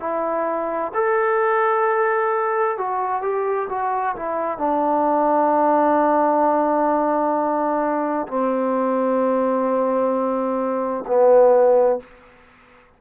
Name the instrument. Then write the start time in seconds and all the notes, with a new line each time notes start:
trombone
0.00 E4
0.94 A4
2.78 F#4
3.22 G4
3.70 F#4
4.16 E4
4.58 D4
8.28 C4
11.08 B3